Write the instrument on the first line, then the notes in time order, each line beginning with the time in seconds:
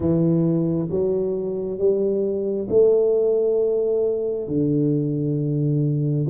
tuba
0.00 E3
0.90 F#3
1.78 G3
2.69 A3
4.47 D3